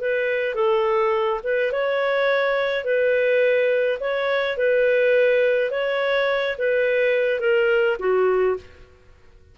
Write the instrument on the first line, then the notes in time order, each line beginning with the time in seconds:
clarinet
0.00 B4
0.54 A4
1.43 B4
1.71 C#5
2.84 B4
4.00 C#5
4.57 B4
5.70 C#5
6.57 B4
7.39 A#4
7.99 F#4